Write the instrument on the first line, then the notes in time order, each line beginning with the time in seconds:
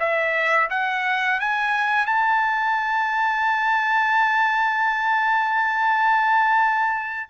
trumpet
0.00 E5
0.70 F#5
1.40 G#5
2.06 A5